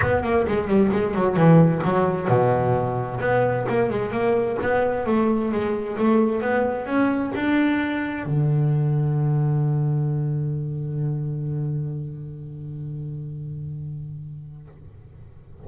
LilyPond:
\new Staff \with { instrumentName = "double bass" } { \time 4/4 \tempo 4 = 131 b8 ais8 gis8 g8 gis8 fis8 e4 | fis4 b,2 b4 | ais8 gis8 ais4 b4 a4 | gis4 a4 b4 cis'4 |
d'2 d2~ | d1~ | d1~ | d1 | }